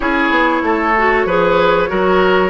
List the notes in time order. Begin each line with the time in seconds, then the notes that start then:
0.00 C#4 E4 G#4 C#5
0.30 B3
0.62 A3 A4
0.97 F#4
1.25 F3 G#4 B4
1.88 F#3 F#4 A#4